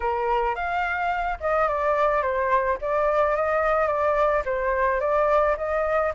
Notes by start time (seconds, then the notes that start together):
0.00 A#4
0.55 F5
1.40 D#5
1.68 D5
2.22 C5
2.81 D5
3.36 D#5
3.87 D5
4.45 C5
5.00 D5
5.57 D#5